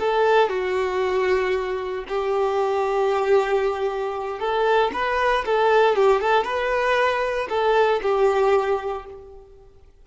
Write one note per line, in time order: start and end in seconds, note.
0.00 0.50 A4
0.50 2.05 F#4
2.09 4.40 G4
4.40 4.92 A4
4.94 5.45 B4
5.46 5.96 A4
5.96 6.21 G4
6.21 6.45 A4
6.45 7.48 B4
7.50 8.01 A4
8.03 9.06 G4